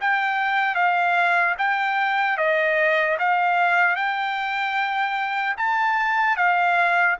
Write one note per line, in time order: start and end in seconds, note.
0.00 0.75 G5
0.75 1.55 F5
1.58 2.37 G5
2.37 3.17 D#5
3.19 3.95 F5
3.95 5.55 G5
5.57 6.36 A5
6.36 7.16 F5